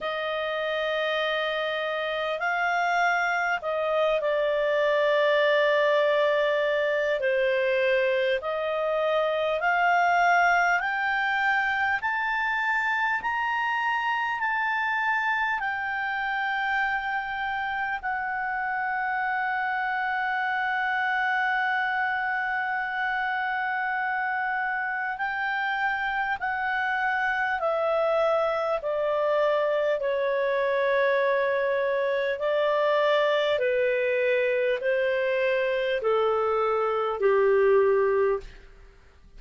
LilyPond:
\new Staff \with { instrumentName = "clarinet" } { \time 4/4 \tempo 4 = 50 dis''2 f''4 dis''8 d''8~ | d''2 c''4 dis''4 | f''4 g''4 a''4 ais''4 | a''4 g''2 fis''4~ |
fis''1~ | fis''4 g''4 fis''4 e''4 | d''4 cis''2 d''4 | b'4 c''4 a'4 g'4 | }